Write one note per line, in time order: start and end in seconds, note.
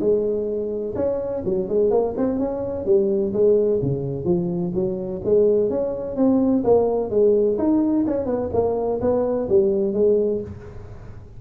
0.00 0.94 G#3
0.95 1.42 C#4
1.45 1.69 F#3
1.69 1.90 G#3
1.90 2.14 A#3
2.17 2.39 C4
2.39 2.85 C#4
2.85 3.32 G3
3.33 3.80 G#3
3.82 4.25 C#3
4.25 4.72 F3
4.74 5.21 F#3
5.24 5.70 G#3
5.70 6.16 C#4
6.16 6.63 C4
6.64 7.10 A#3
7.10 7.57 G#3
7.58 8.05 D#4
8.07 8.26 C#4
8.26 8.50 B3
8.53 9.00 A#3
9.01 9.48 B3
9.49 9.93 G3
9.93 10.41 G#3